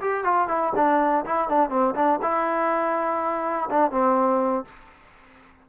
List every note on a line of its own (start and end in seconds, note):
0.00 0.24 G4
0.24 0.48 F4
0.48 0.72 E4
0.75 1.25 D4
1.25 1.49 E4
1.49 1.69 D4
1.69 1.94 C4
1.95 2.20 D4
2.22 3.69 E4
3.70 3.91 D4
3.91 4.65 C4